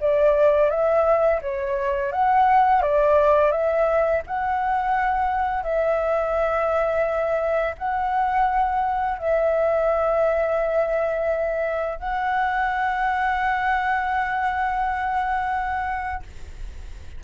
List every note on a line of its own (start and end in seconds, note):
0.00 0.70 D5
0.70 1.40 E5
1.41 2.11 C#5
2.11 2.82 F#5
2.82 3.51 D5
3.51 4.22 E5
4.26 5.63 F#5
5.63 7.75 E5
7.78 9.18 F#5
9.18 11.99 E5
11.99 16.23 F#5